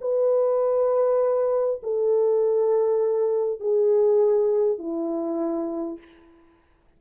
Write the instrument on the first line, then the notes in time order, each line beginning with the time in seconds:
horn
0.00 B4
1.82 A4
3.60 G#4
4.78 E4